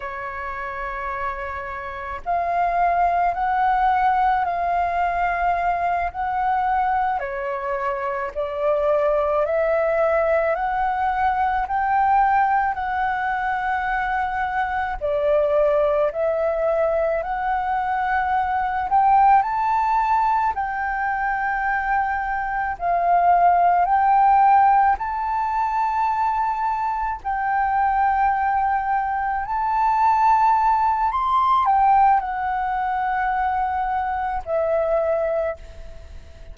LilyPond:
\new Staff \with { instrumentName = "flute" } { \time 4/4 \tempo 4 = 54 cis''2 f''4 fis''4 | f''4. fis''4 cis''4 d''8~ | d''8 e''4 fis''4 g''4 fis''8~ | fis''4. d''4 e''4 fis''8~ |
fis''4 g''8 a''4 g''4.~ | g''8 f''4 g''4 a''4.~ | a''8 g''2 a''4. | c'''8 g''8 fis''2 e''4 | }